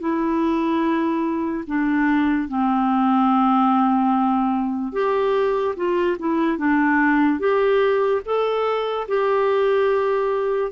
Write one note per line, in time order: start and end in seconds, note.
0.00 1.64 E4
1.67 2.49 D4
2.49 4.93 C4
4.93 5.75 G4
5.76 6.18 F4
6.19 6.58 E4
6.58 7.40 D4
7.40 8.22 G4
8.26 9.08 A4
9.08 10.72 G4